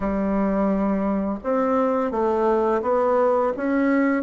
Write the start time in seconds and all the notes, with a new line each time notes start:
0.00 G3
1.43 C4
2.11 A3
2.81 B3
3.56 C#4